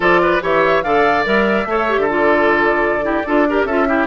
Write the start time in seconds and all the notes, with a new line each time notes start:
0.00 F3 F4 A4 D5
0.22 B4
0.41 E3 G4 C#5 E5
0.82 D3 A4 D5 F5
1.24 G3 A#4 E5
1.65 A3 A4 C#5
1.89 G4
1.96 D3 A4
2.09 F4 D5
3.02 E4 G4
3.26 D4 F4 A4
3.48 G4 A#4
3.64 C#4 F4 A4 E5
3.87 E4 G4